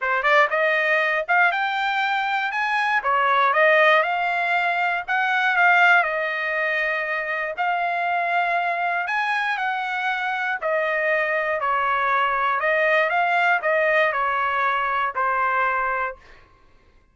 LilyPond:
\new Staff \with { instrumentName = "trumpet" } { \time 4/4 \tempo 4 = 119 c''8 d''8 dis''4. f''8 g''4~ | g''4 gis''4 cis''4 dis''4 | f''2 fis''4 f''4 | dis''2. f''4~ |
f''2 gis''4 fis''4~ | fis''4 dis''2 cis''4~ | cis''4 dis''4 f''4 dis''4 | cis''2 c''2 | }